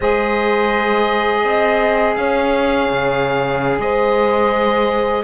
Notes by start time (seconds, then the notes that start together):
0.00 G#3 G#4 C5 D#5
1.44 C4 D#5
2.15 C#4 C#5 F5
2.89 C#3
3.78 G#3 C5 D#5